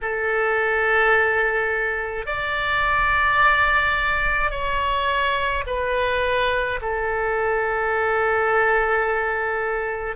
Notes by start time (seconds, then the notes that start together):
0.01 A4
2.26 D5
4.50 C#5
5.66 B4
6.81 A4